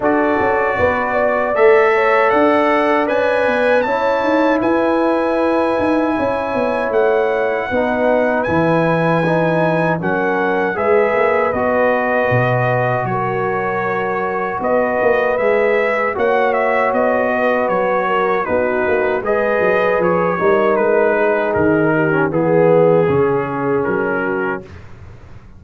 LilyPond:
<<
  \new Staff \with { instrumentName = "trumpet" } { \time 4/4 \tempo 4 = 78 d''2 e''4 fis''4 | gis''4 a''4 gis''2~ | gis''4 fis''2 gis''4~ | gis''4 fis''4 e''4 dis''4~ |
dis''4 cis''2 dis''4 | e''4 fis''8 e''8 dis''4 cis''4 | b'4 dis''4 cis''4 b'4 | ais'4 gis'2 ais'4 | }
  \new Staff \with { instrumentName = "horn" } { \time 4/4 a'4 b'8 d''4 cis''8 d''4~ | d''4 cis''4 b'2 | cis''2 b'2~ | b'4 ais'4 b'2~ |
b'4 ais'2 b'4~ | b'4 cis''4. b'4 ais'8 | fis'4 b'4. ais'4 gis'8~ | gis'8 g'8 gis'2~ gis'8 fis'8 | }
  \new Staff \with { instrumentName = "trombone" } { \time 4/4 fis'2 a'2 | b'4 e'2.~ | e'2 dis'4 e'4 | dis'4 cis'4 gis'4 fis'4~ |
fis'1 | gis'4 fis'2. | dis'4 gis'4. dis'4.~ | dis'8. cis'16 b4 cis'2 | }
  \new Staff \with { instrumentName = "tuba" } { \time 4/4 d'8 cis'8 b4 a4 d'4 | cis'8 b8 cis'8 dis'8 e'4. dis'8 | cis'8 b8 a4 b4 e4~ | e4 fis4 gis8 ais8 b4 |
b,4 fis2 b8 ais8 | gis4 ais4 b4 fis4 | b8 ais8 gis8 fis8 f8 g8 gis4 | dis4 e4 cis4 fis4 | }
>>